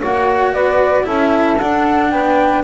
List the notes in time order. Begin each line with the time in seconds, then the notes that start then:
0.00 A#3 F#4 C#5 F#5
0.53 B3 B4 D5
1.04 C#4 E4 A4 E5
1.59 D4 F#5
2.11 B3 B4 G5